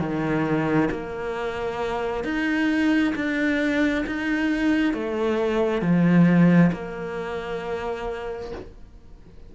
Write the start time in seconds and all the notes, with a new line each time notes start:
0.00 D#3
0.91 A#3
2.24 D#4
3.15 D4
4.07 D#4
4.94 A3
5.82 F3
6.73 A#3